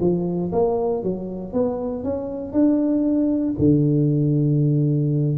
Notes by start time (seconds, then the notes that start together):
0.00 F3
0.52 A#3
1.03 F#3
1.53 B3
2.03 C#4
2.52 D4
3.58 D3